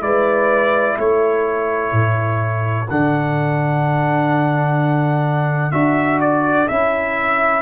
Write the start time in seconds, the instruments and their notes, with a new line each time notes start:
0.00 tuba G#3, trombone E4, horn B4, trumpet D5
0.96 tuba A3, horn A4, trumpet C#5
1.92 tuba A2
2.89 tuba D3, trombone D4, trumpet F#5
5.71 tuba D4, trombone F#4, trumpet E5
6.20 trumpet D5
6.67 tuba C#4, trombone E4, trumpet E5